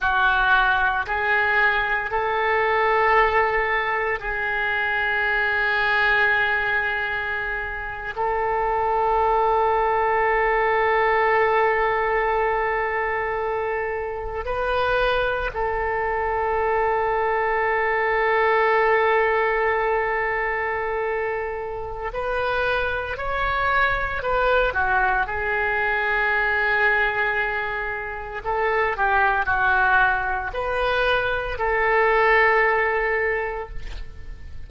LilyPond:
\new Staff \with { instrumentName = "oboe" } { \time 4/4 \tempo 4 = 57 fis'4 gis'4 a'2 | gis'2.~ gis'8. a'16~ | a'1~ | a'4.~ a'16 b'4 a'4~ a'16~ |
a'1~ | a'4 b'4 cis''4 b'8 fis'8 | gis'2. a'8 g'8 | fis'4 b'4 a'2 | }